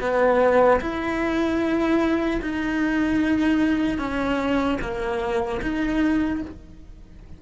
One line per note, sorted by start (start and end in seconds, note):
0.00 0.80 B3
0.80 2.40 E4
2.41 3.98 D#4
3.98 4.78 C#4
4.81 5.61 A#3
5.61 6.41 D#4